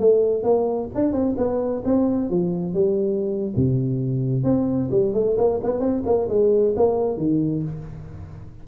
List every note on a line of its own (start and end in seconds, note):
0.00 0.44 A3
0.44 0.90 A#3
0.95 1.13 D4
1.13 1.36 C4
1.38 1.83 B3
1.85 2.31 C4
2.31 2.74 F3
2.74 3.55 G3
3.57 4.44 C3
4.44 4.90 C4
4.92 5.14 G3
5.14 5.37 A3
5.38 5.61 A#3
5.64 5.80 B3
5.80 6.03 C4
6.06 6.29 A#3
6.29 6.75 G#3
6.77 7.18 A#3
7.18 7.63 D#3